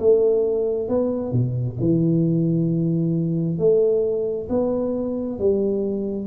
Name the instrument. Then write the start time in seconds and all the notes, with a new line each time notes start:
tuba
0.00 A3
0.89 B3
1.32 B2
1.80 E3
3.59 A3
4.50 B3
5.39 G3